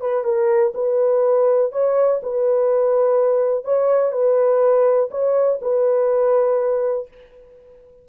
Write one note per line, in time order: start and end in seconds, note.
0.00 0.24 B4
0.24 0.72 A#4
0.74 1.72 B4
1.72 2.21 C#5
2.23 3.64 B4
3.64 4.12 C#5
4.12 5.09 B4
5.10 5.59 C#5
5.61 7.08 B4